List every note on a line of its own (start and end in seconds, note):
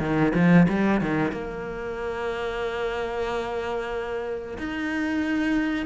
0.00 0.33 D#3
0.35 0.67 F3
0.68 1.01 G3
1.01 1.32 D#3
1.32 4.58 A#3
4.58 5.86 D#4